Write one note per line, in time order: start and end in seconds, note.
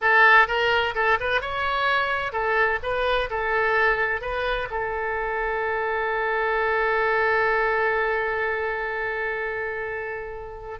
0.01 0.47 A4
0.47 0.94 A#4
0.94 1.18 A4
1.20 1.41 B4
1.41 2.32 C#5
2.32 2.79 A4
2.82 3.29 B4
3.30 4.21 A4
4.21 4.68 B4
4.70 10.79 A4